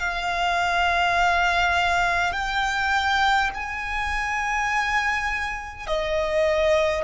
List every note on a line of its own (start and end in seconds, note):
0.00 2.33 F5
2.33 3.50 G5
3.54 5.87 G#5
5.87 7.04 D#5